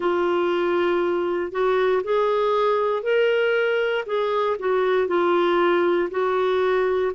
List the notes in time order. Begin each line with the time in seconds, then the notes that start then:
0.00 F4
1.51 F#4
2.03 G#4
3.02 A#4
4.06 G#4
4.59 F#4
5.07 F4
6.10 F#4